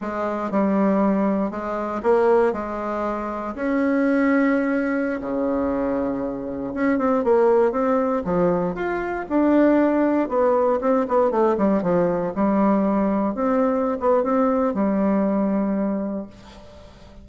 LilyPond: \new Staff \with { instrumentName = "bassoon" } { \time 4/4 \tempo 4 = 118 gis4 g2 gis4 | ais4 gis2 cis'4~ | cis'2~ cis'16 cis4.~ cis16~ | cis4~ cis16 cis'8 c'8 ais4 c'8.~ |
c'16 f4 f'4 d'4.~ d'16~ | d'16 b4 c'8 b8 a8 g8 f8.~ | f16 g2 c'4~ c'16 b8 | c'4 g2. | }